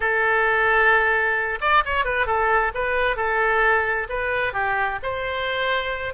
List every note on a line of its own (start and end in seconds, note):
0.00 1.59 A4
1.60 1.83 D5
1.85 2.05 C#5
2.05 2.26 B4
2.26 2.71 A4
2.74 3.16 B4
3.16 4.07 A4
4.09 4.53 B4
4.53 4.98 G4
5.02 6.13 C5